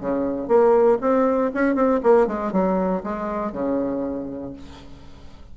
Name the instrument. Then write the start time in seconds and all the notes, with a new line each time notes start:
bassoon
0.00 C#3
0.47 A#3
1.01 C4
1.54 C#4
1.74 C4
2.03 A#3
2.26 G#3
2.52 F#3
3.03 G#3
3.52 C#3